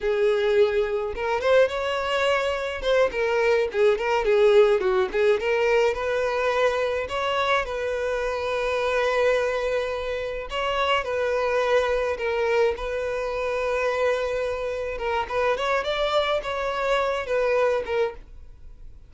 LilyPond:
\new Staff \with { instrumentName = "violin" } { \time 4/4 \tempo 4 = 106 gis'2 ais'8 c''8 cis''4~ | cis''4 c''8 ais'4 gis'8 ais'8 gis'8~ | gis'8 fis'8 gis'8 ais'4 b'4.~ | b'8 cis''4 b'2~ b'8~ |
b'2~ b'8 cis''4 b'8~ | b'4. ais'4 b'4.~ | b'2~ b'8 ais'8 b'8 cis''8 | d''4 cis''4. b'4 ais'8 | }